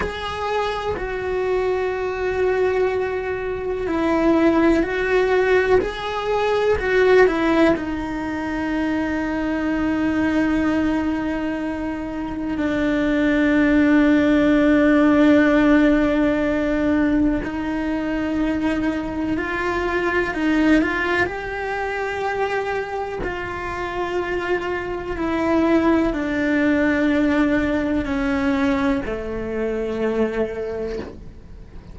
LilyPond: \new Staff \with { instrumentName = "cello" } { \time 4/4 \tempo 4 = 62 gis'4 fis'2. | e'4 fis'4 gis'4 fis'8 e'8 | dis'1~ | dis'4 d'2.~ |
d'2 dis'2 | f'4 dis'8 f'8 g'2 | f'2 e'4 d'4~ | d'4 cis'4 a2 | }